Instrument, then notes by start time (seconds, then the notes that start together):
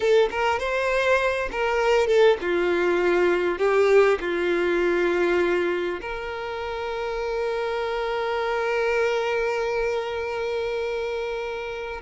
violin
0.00 A4
0.31 A#4
0.59 C5
1.51 A#4
2.07 A4
2.41 F4
3.58 G4
4.20 F4
6.01 A#4